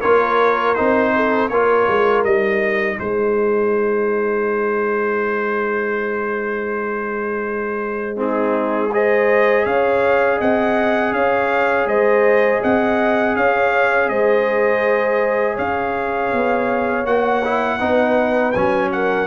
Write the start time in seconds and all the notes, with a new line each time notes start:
0.00 A#3 F4 A#4 C#5
0.75 C4 D#4 C5
1.16 A4
1.49 A#3 F4 A#4 C#5
1.89 G#3
2.25 G3 D#4 D#5
2.99 G#3 G#4 C5
8.16 C4 D#4 G#4
8.93 G#4 C5 D#5
9.66 C#4 C#5 F5
10.37 C4 D#5 F#5
11.12 C#4 C#5 F5
11.86 G#3 C5 D#5
12.62 C4 D#5 F#5
13.36 C#4 C#5 F5
14.09 G#3 C5 D#5
15.55 C#4 C#5 F5
16.33 B3
17.05 A#3 F#4 F#5
17.45 E4
17.80 B3 D#4 B4
18.53 F#3 C#4 G#5
18.93 A#4 F#5